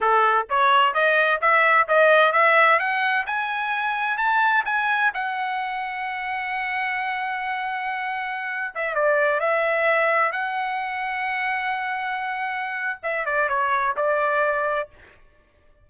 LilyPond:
\new Staff \with { instrumentName = "trumpet" } { \time 4/4 \tempo 4 = 129 a'4 cis''4 dis''4 e''4 | dis''4 e''4 fis''4 gis''4~ | gis''4 a''4 gis''4 fis''4~ | fis''1~ |
fis''2~ fis''8. e''8 d''8.~ | d''16 e''2 fis''4.~ fis''16~ | fis''1 | e''8 d''8 cis''4 d''2 | }